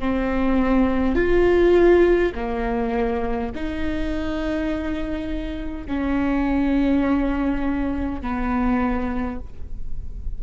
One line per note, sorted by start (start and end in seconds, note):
0.00 1.15 C4
1.15 2.33 F4
2.35 3.52 A#3
3.55 5.87 D#4
5.87 8.22 C#4
8.22 9.40 B3